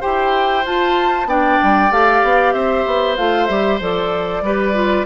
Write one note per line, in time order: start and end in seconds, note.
0.00 0.65 E4
0.00 0.63 G4
0.00 1.27 C5
0.00 0.65 G5
0.65 1.25 F4
0.65 1.27 F4
0.65 1.29 A5
1.25 1.57 B3
1.25 1.91 D4
1.25 2.53 D5
1.25 1.92 G5
1.63 1.91 G3
1.91 2.22 A3
1.91 3.17 G4
1.91 2.53 F5
2.23 2.53 B3
2.53 2.84 C4
2.53 4.43 C5
2.53 3.16 E5
2.86 3.18 B3
3.16 3.49 A3
3.16 3.48 F4
3.16 3.46 F5
3.46 3.80 G3
3.46 3.80 G4
3.46 3.78 E5
3.80 4.41 F3
3.80 4.44 A4
3.80 5.06 D5
4.41 5.04 G3
4.41 4.73 G4
4.41 5.06 B4
4.73 5.05 F4